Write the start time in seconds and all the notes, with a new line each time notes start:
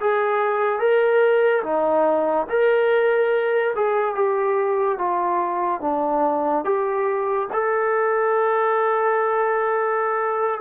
0.00 G#4
0.79 A#4
1.63 D#4
2.49 A#4
3.75 G#4
4.14 G4
4.98 F4
5.81 D4
6.64 G4
7.52 A4